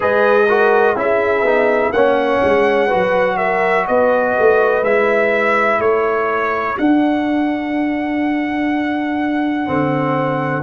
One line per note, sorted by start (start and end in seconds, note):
0.00 0.95 G#3
0.00 0.47 G#4
0.00 0.47 B4
0.00 0.98 D#5
0.48 0.96 F#4
0.48 0.97 A#4
0.95 1.41 C#4
0.95 1.44 E4
0.95 1.93 G#4
0.95 1.92 E5
1.41 1.90 B3
1.41 1.93 D#4
1.92 2.40 A#3
1.92 2.89 C#4
1.92 2.87 C#5
1.92 3.37 F#5
2.44 2.92 G#3
2.87 4.83 F#4
2.87 3.35 B4
2.94 3.88 F#3
3.37 3.85 A#4
3.37 3.85 E5
3.87 4.36 B3
3.87 5.81 B4
3.87 4.83 D#5
4.39 4.82 A3
4.82 5.78 G#3
4.82 6.76 E4
4.82 5.80 E5
5.78 6.75 A3
5.78 10.62 A4
5.78 6.77 C#5
6.76 9.65 D4
6.76 9.68 D4
6.76 10.62 F#5
9.65 10.62 D3
9.65 10.62 C4